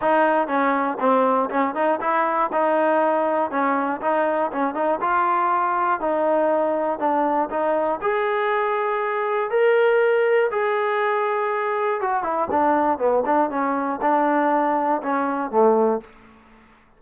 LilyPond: \new Staff \with { instrumentName = "trombone" } { \time 4/4 \tempo 4 = 120 dis'4 cis'4 c'4 cis'8 dis'8 | e'4 dis'2 cis'4 | dis'4 cis'8 dis'8 f'2 | dis'2 d'4 dis'4 |
gis'2. ais'4~ | ais'4 gis'2. | fis'8 e'8 d'4 b8 d'8 cis'4 | d'2 cis'4 a4 | }